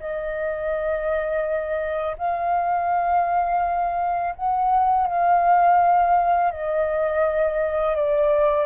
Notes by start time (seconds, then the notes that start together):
0.00 D#5
2.19 F5
4.36 F#5
5.07 F5
6.52 D#5
7.96 D5